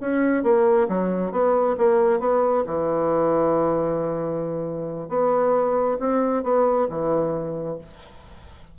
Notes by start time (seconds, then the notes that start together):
0.00 C#4
0.43 A#3
0.88 F#3
1.31 B3
1.77 A#3
2.19 B3
2.66 E3
5.08 B3
5.99 C4
6.43 B3
6.89 E3